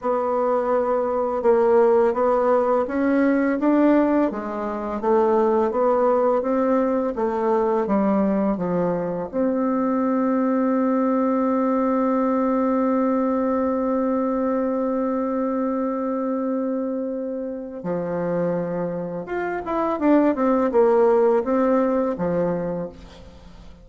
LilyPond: \new Staff \with { instrumentName = "bassoon" } { \time 4/4 \tempo 4 = 84 b2 ais4 b4 | cis'4 d'4 gis4 a4 | b4 c'4 a4 g4 | f4 c'2.~ |
c'1~ | c'1~ | c'4 f2 f'8 e'8 | d'8 c'8 ais4 c'4 f4 | }